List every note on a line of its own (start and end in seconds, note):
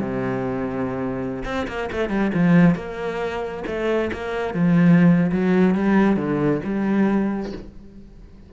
0.00 1.43 C3
1.45 1.67 C4
1.67 1.90 A#3
1.92 2.09 A3
2.09 2.31 G3
2.34 2.75 F3
2.75 3.63 A#3
3.67 4.11 A3
4.12 4.54 A#3
4.54 5.31 F3
5.32 5.75 F#3
5.75 6.16 G3
6.16 6.61 D3
6.64 7.52 G3